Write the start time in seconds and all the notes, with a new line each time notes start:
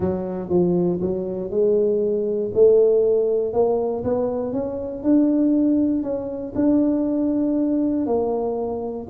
0.00 F#3
0.49 F3
1.01 F#3
1.50 G#3
2.54 A3
3.53 A#3
4.04 B3
4.52 C#4
5.03 D4
6.03 C#4
6.55 D4
8.06 A#3